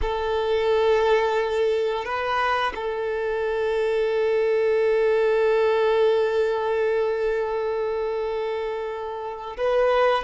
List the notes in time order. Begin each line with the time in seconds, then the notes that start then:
0.01 A4
2.04 B4
2.75 A4
9.57 B4